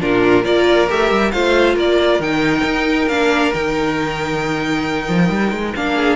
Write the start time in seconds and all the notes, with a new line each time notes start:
0.00 A#2 D4 F4 A#4
0.43 A#3 F4 A#4 D5
0.88 A3 G4 E5
1.10 G3
1.31 A3 F4 C5 F5
1.75 A#3 A#4 D5
2.19 D#3 D#4 G5
2.64 D#4
3.07 A#3 D4 F5
3.53 D#3 D#4 G5
5.08 F3
5.30 G3
5.51 G#3
5.76 A#3 D4 F5
5.96 G#4